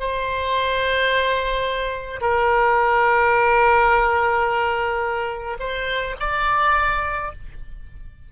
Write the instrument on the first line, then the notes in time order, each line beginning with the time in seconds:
oboe
0.00 C5
2.21 A#4
5.60 C5
6.20 D5